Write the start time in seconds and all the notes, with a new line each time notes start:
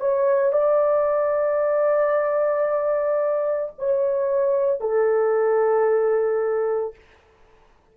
0.00 C#5
0.52 D5
3.78 C#5
4.80 A4